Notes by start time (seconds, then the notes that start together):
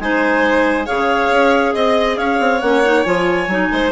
0.00 G#3 D#4 C5 G#5
0.86 C#3 G#4 C#5 F5
1.30 C#4
1.73 C4 D#5
2.17 C#4 C#5 F5
2.40 C4
2.60 A#3 C#4 F#5
2.84 D#4
3.03 F3 F4 G#5
3.48 F#3 D#4
3.72 G#3 C5